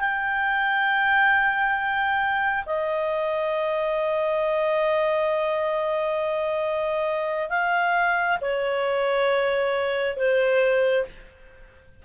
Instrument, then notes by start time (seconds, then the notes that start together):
clarinet
0.00 G5
2.66 D#5
7.50 F5
8.41 C#5
10.17 C5